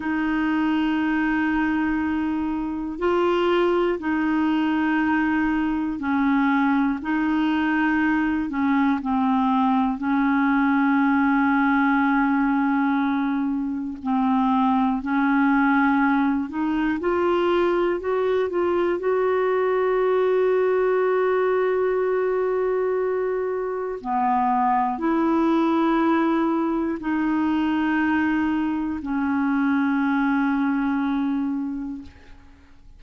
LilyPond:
\new Staff \with { instrumentName = "clarinet" } { \time 4/4 \tempo 4 = 60 dis'2. f'4 | dis'2 cis'4 dis'4~ | dis'8 cis'8 c'4 cis'2~ | cis'2 c'4 cis'4~ |
cis'8 dis'8 f'4 fis'8 f'8 fis'4~ | fis'1 | b4 e'2 dis'4~ | dis'4 cis'2. | }